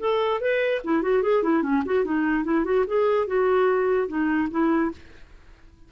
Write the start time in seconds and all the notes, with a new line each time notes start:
0.00 A4
0.41 B4
0.84 E4
1.02 F#4
1.23 G#4
1.43 E4
1.63 C#4
1.85 F#4
2.05 D#4
2.44 E4
2.65 F#4
2.87 G#4
3.27 F#4
4.08 D#4
4.51 E4